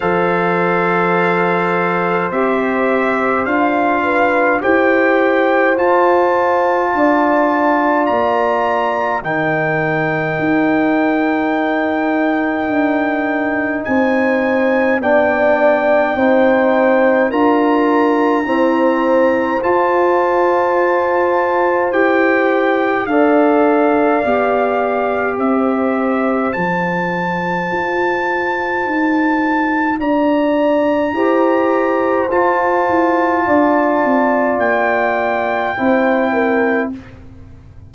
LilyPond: <<
  \new Staff \with { instrumentName = "trumpet" } { \time 4/4 \tempo 4 = 52 f''2 e''4 f''4 | g''4 a''2 ais''4 | g''1 | gis''4 g''2 ais''4~ |
ais''4 a''2 g''4 | f''2 e''4 a''4~ | a''2 ais''2 | a''2 g''2 | }
  \new Staff \with { instrumentName = "horn" } { \time 4/4 c''2.~ c''8 b'8 | c''2 d''2 | ais'1 | c''4 d''4 c''4 ais'4 |
c''1 | d''2 c''2~ | c''2 d''4 c''4~ | c''4 d''2 c''8 ais'8 | }
  \new Staff \with { instrumentName = "trombone" } { \time 4/4 a'2 g'4 f'4 | g'4 f'2. | dis'1~ | dis'4 d'4 dis'4 f'4 |
c'4 f'2 g'4 | a'4 g'2 f'4~ | f'2. g'4 | f'2. e'4 | }
  \new Staff \with { instrumentName = "tuba" } { \time 4/4 f2 c'4 d'4 | e'4 f'4 d'4 ais4 | dis4 dis'2 d'4 | c'4 b4 c'4 d'4 |
e'4 f'2 e'4 | d'4 b4 c'4 f4 | f'4 dis'4 d'4 e'4 | f'8 e'8 d'8 c'8 ais4 c'4 | }
>>